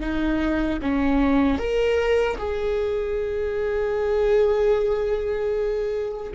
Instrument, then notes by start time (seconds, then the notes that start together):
viola
0.00 D#4
0.82 C#4
1.58 A#4
2.38 G#4